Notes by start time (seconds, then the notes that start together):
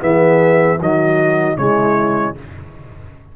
0.00 E3 B3 G#4 E5
0.77 D#3 F#3 F#4 D#5
1.57 C#3 G#3 E4 C#5